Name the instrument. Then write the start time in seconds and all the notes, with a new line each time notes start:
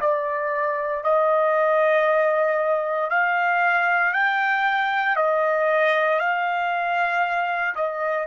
trumpet
0.00 D5
1.03 D#5
3.10 F5
4.13 G5
5.16 D#5
6.19 F5
7.75 D#5